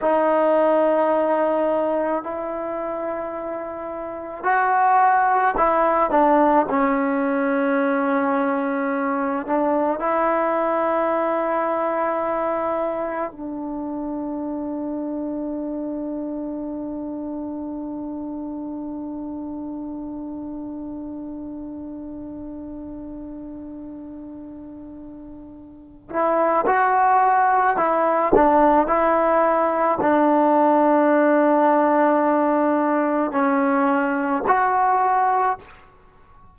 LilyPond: \new Staff \with { instrumentName = "trombone" } { \time 4/4 \tempo 4 = 54 dis'2 e'2 | fis'4 e'8 d'8 cis'2~ | cis'8 d'8 e'2. | d'1~ |
d'1~ | d'2.~ d'8 e'8 | fis'4 e'8 d'8 e'4 d'4~ | d'2 cis'4 fis'4 | }